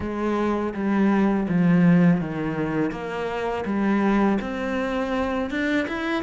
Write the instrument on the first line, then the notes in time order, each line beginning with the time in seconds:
cello
0.00 G#3
0.74 G3
1.48 F3
2.20 D#3
2.91 A#3
3.65 G3
4.41 C4
5.50 D4
5.88 E4